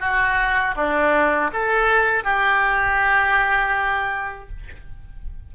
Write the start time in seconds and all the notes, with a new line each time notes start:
0.00 F#4
0.76 D4
1.53 A4
2.24 G4